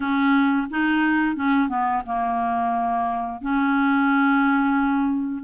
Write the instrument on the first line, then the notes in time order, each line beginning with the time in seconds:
clarinet
0.00 C#4
0.70 D#4
1.35 C#4
1.69 B3
2.05 A#3
3.41 C#4